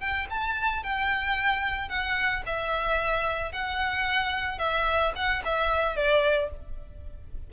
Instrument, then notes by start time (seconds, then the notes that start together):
violin
0.00 G5
0.30 A5
0.83 G5
1.89 F#5
2.46 E5
3.52 F#5
4.58 E5
5.15 F#5
5.45 E5
5.96 D5